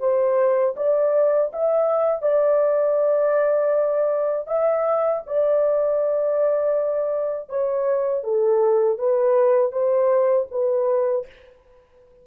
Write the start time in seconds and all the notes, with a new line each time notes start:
0.00 C5
0.77 D5
1.53 E5
2.22 D5
4.48 E5
5.27 D5
7.50 C#5
8.24 A4
8.99 B4
9.72 C5
10.52 B4